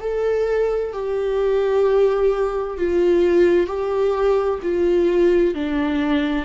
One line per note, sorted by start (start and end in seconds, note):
0.00 0.92 A4
0.92 2.77 G4
2.77 3.66 F4
3.66 4.59 G4
4.62 5.54 F4
5.54 6.45 D4